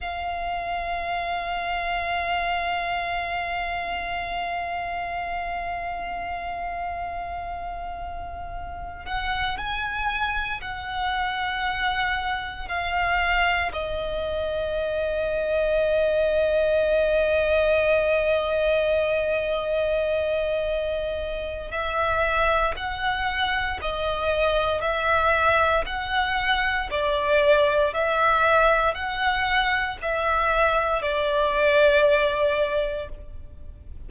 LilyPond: \new Staff \with { instrumentName = "violin" } { \time 4/4 \tempo 4 = 58 f''1~ | f''1~ | f''8. fis''8 gis''4 fis''4.~ fis''16~ | fis''16 f''4 dis''2~ dis''8.~ |
dis''1~ | dis''4 e''4 fis''4 dis''4 | e''4 fis''4 d''4 e''4 | fis''4 e''4 d''2 | }